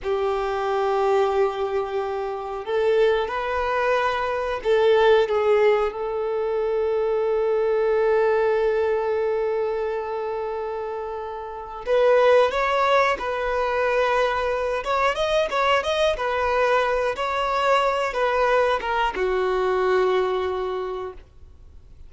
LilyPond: \new Staff \with { instrumentName = "violin" } { \time 4/4 \tempo 4 = 91 g'1 | a'4 b'2 a'4 | gis'4 a'2.~ | a'1~ |
a'2 b'4 cis''4 | b'2~ b'8 cis''8 dis''8 cis''8 | dis''8 b'4. cis''4. b'8~ | b'8 ais'8 fis'2. | }